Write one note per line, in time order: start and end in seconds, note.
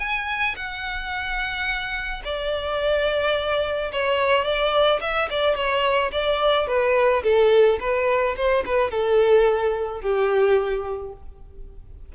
0.00 0.56 G#5
0.56 2.23 F#5
2.25 3.92 D5
3.93 4.45 C#5
4.45 5.01 D5
5.02 5.29 E5
5.31 5.56 D5
5.56 6.12 C#5
6.12 6.68 D5
6.68 7.23 B4
7.24 7.79 A4
7.81 8.36 B4
8.37 8.64 C5
8.66 8.91 B4
8.91 10.02 A4
10.02 11.13 G4